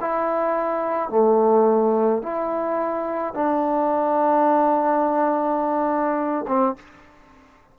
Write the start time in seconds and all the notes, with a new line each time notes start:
0.00 E4
1.09 A3
2.22 E4
3.34 D4
6.47 C4